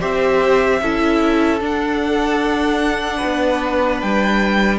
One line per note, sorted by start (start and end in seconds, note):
0.00 0.81 C4
0.00 0.80 G4
0.00 0.81 C5
0.00 1.61 E5
0.81 1.61 C#4
0.81 1.61 E4
0.81 3.18 A4
1.61 4.79 D4
1.61 3.21 D4
1.61 4.01 F#5
3.18 4.78 B4
3.24 4.03 B3
4.01 4.79 G3
4.01 4.79 G5